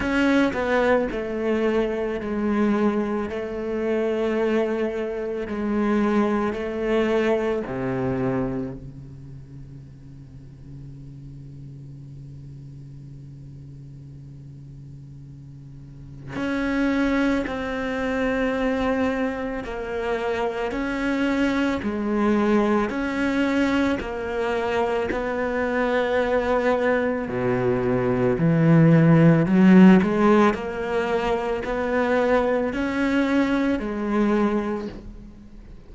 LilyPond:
\new Staff \with { instrumentName = "cello" } { \time 4/4 \tempo 4 = 55 cis'8 b8 a4 gis4 a4~ | a4 gis4 a4 c4 | cis1~ | cis2. cis'4 |
c'2 ais4 cis'4 | gis4 cis'4 ais4 b4~ | b4 b,4 e4 fis8 gis8 | ais4 b4 cis'4 gis4 | }